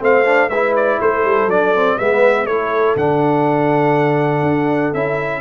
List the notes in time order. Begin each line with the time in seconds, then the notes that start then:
0.00 A3 C4 C5 F5
0.25 D4
0.50 G#3 E4 B4 E5
0.76 D5
1.01 A3 A4 C5
1.25 G3
1.47 F#3 D4 D5
1.75 C4
1.98 G#3 B3 B4 E5
2.46 A3 E4 A4 C#5
2.96 D3 D4 F#5
4.43 D4
4.94 C#4 E4 E5